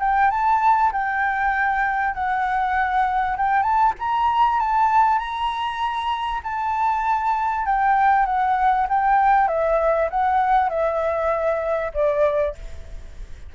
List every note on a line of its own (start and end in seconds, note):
0.00 0.31 G5
0.31 0.92 A5
0.92 2.14 G5
2.14 3.37 F#5
3.37 3.63 G5
3.63 3.93 A5
3.99 4.60 A#5
4.60 5.19 A5
5.19 6.41 A#5
6.43 7.66 A5
7.66 8.26 G5
8.26 8.87 F#5
8.89 9.48 G5
9.48 10.09 E5
10.10 10.70 F#5
10.70 11.92 E5
11.94 12.55 D5